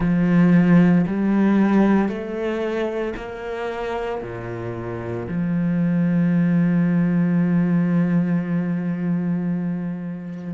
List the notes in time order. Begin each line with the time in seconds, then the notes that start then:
0.00 F3
1.06 G3
2.08 A3
3.16 A#3
4.22 A#2
5.28 F3